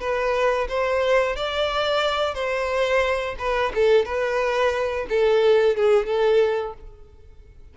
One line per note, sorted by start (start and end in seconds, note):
0.00 0.67 B4
0.69 1.36 C5
1.36 2.34 D5
2.34 3.36 C5
3.39 3.72 B4
3.75 4.05 A4
4.05 5.06 B4
5.09 5.76 A4
5.76 6.06 G#4
6.06 6.74 A4